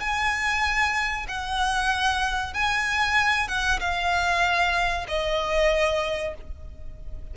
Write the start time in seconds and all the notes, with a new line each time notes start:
0.00 G#5
1.28 F#5
2.53 G#5
3.48 F#5
3.80 F5
5.08 D#5